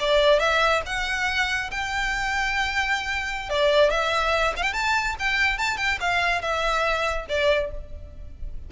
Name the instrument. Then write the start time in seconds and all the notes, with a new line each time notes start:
violin
0.00 D5
0.40 E5
0.86 F#5
1.71 G5
3.50 D5
3.91 E5
4.57 F5
4.63 G5
4.73 A5
5.20 G5
5.58 A5
5.78 G5
6.01 F5
6.42 E5
7.29 D5